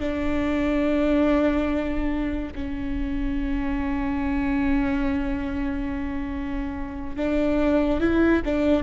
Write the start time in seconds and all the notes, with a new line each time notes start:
0.00 D4
2.55 C#4
7.16 D4
8.00 E4
8.45 D4